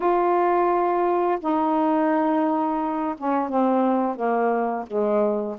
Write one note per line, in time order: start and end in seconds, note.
0.00 1.38 F4
1.40 3.15 D#4
3.17 3.49 C#4
3.49 4.15 C4
4.15 4.85 A#3
4.86 5.56 G#3